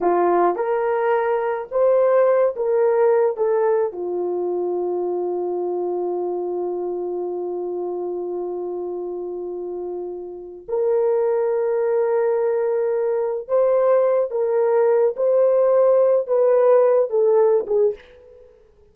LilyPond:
\new Staff \with { instrumentName = "horn" } { \time 4/4 \tempo 4 = 107 f'4 ais'2 c''4~ | c''8 ais'4. a'4 f'4~ | f'1~ | f'1~ |
f'2. ais'4~ | ais'1 | c''4. ais'4. c''4~ | c''4 b'4. a'4 gis'8 | }